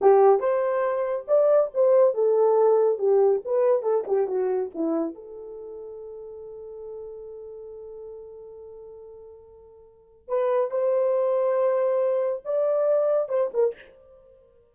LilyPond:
\new Staff \with { instrumentName = "horn" } { \time 4/4 \tempo 4 = 140 g'4 c''2 d''4 | c''4 a'2 g'4 | b'4 a'8 g'8 fis'4 e'4 | a'1~ |
a'1~ | a'1 | b'4 c''2.~ | c''4 d''2 c''8 ais'8 | }